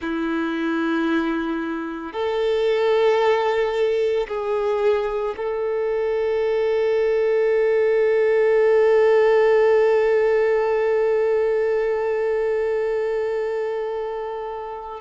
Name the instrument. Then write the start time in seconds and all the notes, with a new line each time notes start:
violin
0.00 E4
2.12 A4
4.28 G#4
5.36 A4